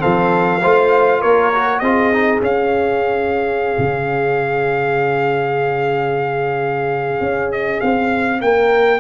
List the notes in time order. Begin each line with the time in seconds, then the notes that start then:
0.00 F3 C4 A4 F5
0.62 A3 F4 C5
1.21 A#3 A#4 C#5
1.54 F#4
1.80 C4 F4 G#4 D#5
2.13 D#4
2.42 C#4 F5
3.78 C#3
7.21 C#4
7.52 D#5
7.81 C4 F5
8.41 A#3 A#4 G5